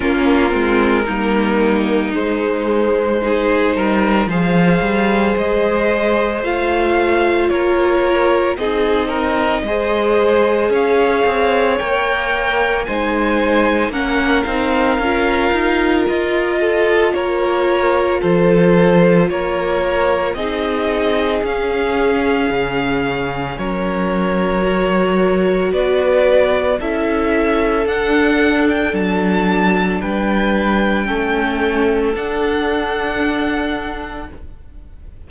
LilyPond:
<<
  \new Staff \with { instrumentName = "violin" } { \time 4/4 \tempo 4 = 56 ais'2 c''2 | f''4 dis''4 f''4 cis''4 | dis''2 f''4 g''4 | gis''4 fis''8 f''4. dis''4 |
cis''4 c''4 cis''4 dis''4 | f''2 cis''2 | d''4 e''4 fis''8. g''16 a''4 | g''2 fis''2 | }
  \new Staff \with { instrumentName = "violin" } { \time 4/4 f'4 dis'2 gis'8 ais'8 | c''2. ais'4 | gis'8 ais'8 c''4 cis''2 | c''4 ais'2~ ais'8 a'8 |
ais'4 a'4 ais'4 gis'4~ | gis'2 ais'2 | b'4 a'2. | b'4 a'2. | }
  \new Staff \with { instrumentName = "viola" } { \time 4/4 cis'8 c'8 ais4 gis4 dis'4 | gis'2 f'2 | dis'4 gis'2 ais'4 | dis'4 cis'8 dis'8 f'2~ |
f'2. dis'4 | cis'2. fis'4~ | fis'4 e'4 d'2~ | d'4 cis'4 d'2 | }
  \new Staff \with { instrumentName = "cello" } { \time 4/4 ais8 gis8 g4 gis4. g8 | f8 g8 gis4 a4 ais4 | c'4 gis4 cis'8 c'8 ais4 | gis4 ais8 c'8 cis'8 dis'8 f'4 |
ais4 f4 ais4 c'4 | cis'4 cis4 fis2 | b4 cis'4 d'4 fis4 | g4 a4 d'2 | }
>>